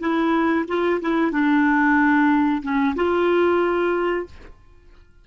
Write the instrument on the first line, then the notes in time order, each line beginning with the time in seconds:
clarinet
0.00 E4
0.68 F4
1.01 E4
1.32 D4
2.63 C#4
2.96 F4